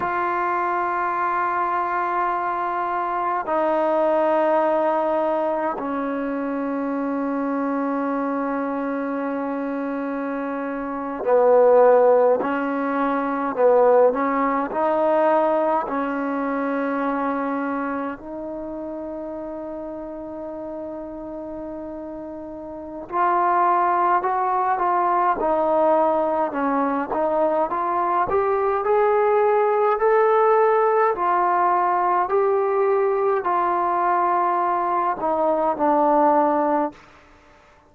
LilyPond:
\new Staff \with { instrumentName = "trombone" } { \time 4/4 \tempo 4 = 52 f'2. dis'4~ | dis'4 cis'2.~ | cis'4.~ cis'16 b4 cis'4 b16~ | b16 cis'8 dis'4 cis'2 dis'16~ |
dis'1 | f'4 fis'8 f'8 dis'4 cis'8 dis'8 | f'8 g'8 gis'4 a'4 f'4 | g'4 f'4. dis'8 d'4 | }